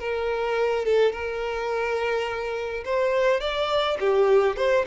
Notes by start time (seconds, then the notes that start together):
0.00 A#4
0.86 A4
1.13 A#4
2.85 C5
3.41 D5
4.00 G4
4.57 C5